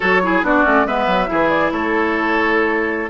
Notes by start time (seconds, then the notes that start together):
0.00 F#3 F#4 A4 C#5
0.22 E4 G#4
0.42 B3 D4 F#4 D5
0.64 A3 C#4
0.85 G#3 B3 B4 E5
1.06 F#3
1.26 E3 E4 G#4
1.49 D5
1.71 A3 A4 C#5